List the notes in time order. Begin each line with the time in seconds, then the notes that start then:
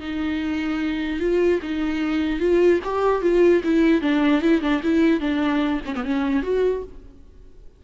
0.00 D#4
1.20 F4
1.62 D#4
2.40 F4
2.84 G4
3.22 F4
3.64 E4
4.01 D4
4.42 E4
4.61 D4
4.83 E4
5.20 D4
5.85 C#4
5.95 B3
6.04 C#4
6.43 F#4